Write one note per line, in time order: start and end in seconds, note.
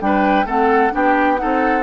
0.00 0.45 G3
0.00 0.46 D4
0.00 0.46 B4
0.00 0.47 G5
0.45 0.91 A3
0.45 0.91 C4
0.45 0.92 A4
0.45 0.94 F#5
0.91 1.41 B3
0.91 1.37 D4
0.91 1.40 G4
0.91 1.37 G5
1.37 1.82 D#4
1.37 1.82 A4
1.37 1.82 F#5
1.44 1.82 C4